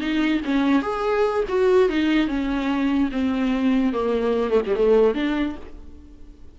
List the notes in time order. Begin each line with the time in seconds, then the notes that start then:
0.00 D#4
0.45 C#4
0.82 G#4
1.49 F#4
1.89 D#4
2.28 C#4
3.12 C4
3.93 A#3
4.51 A3
4.67 G3
4.76 A3
5.15 D4